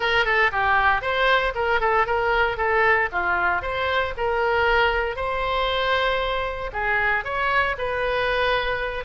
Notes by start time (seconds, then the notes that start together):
0.00 A#4
0.25 A4
0.51 G4
1.01 C5
1.54 A#4
1.80 A4
2.06 A#4
2.57 A4
3.12 F4
3.61 C5
4.17 A#4
5.15 C5
6.72 G#4
7.24 C#5
7.78 B4